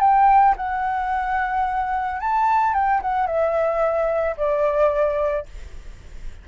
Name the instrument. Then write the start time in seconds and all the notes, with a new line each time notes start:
flute
0.00 G5
0.56 F#5
2.20 A5
2.73 G5
3.01 F#5
3.26 E5
4.36 D5